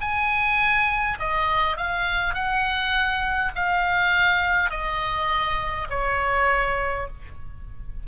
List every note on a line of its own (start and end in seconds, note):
0.00 1.18 G#5
1.19 1.77 D#5
1.77 2.34 F5
2.34 3.52 F#5
3.55 4.70 F5
4.70 5.88 D#5
5.90 7.07 C#5